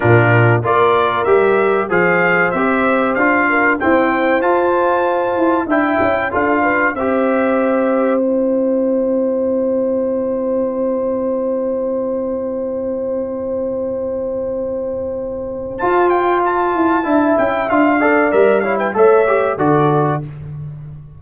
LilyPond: <<
  \new Staff \with { instrumentName = "trumpet" } { \time 4/4 \tempo 4 = 95 ais'4 d''4 e''4 f''4 | e''4 f''4 g''4 a''4~ | a''4 g''4 f''4 e''4~ | e''4 g''2.~ |
g''1~ | g''1~ | g''4 a''8 g''8 a''4. g''8 | f''4 e''8 f''16 g''16 e''4 d''4 | }
  \new Staff \with { instrumentName = "horn" } { \time 4/4 f'4 ais'2 c''4~ | c''4. ais'8 c''2~ | c''4 e''4 a'8 b'8 c''4~ | c''1~ |
c''1~ | c''1~ | c''2. e''4~ | e''8 d''4 cis''16 b'16 cis''4 a'4 | }
  \new Staff \with { instrumentName = "trombone" } { \time 4/4 d'4 f'4 g'4 gis'4 | g'4 f'4 c'4 f'4~ | f'4 e'4 f'4 g'4~ | g'4 e'2.~ |
e'1~ | e'1~ | e'4 f'2 e'4 | f'8 a'8 ais'8 e'8 a'8 g'8 fis'4 | }
  \new Staff \with { instrumentName = "tuba" } { \time 4/4 ais,4 ais4 g4 f4 | c'4 d'4 e'4 f'4~ | f'8 e'8 d'8 cis'8 d'4 c'4~ | c'1~ |
c'1~ | c'1~ | c'4 f'4. e'8 d'8 cis'8 | d'4 g4 a4 d4 | }
>>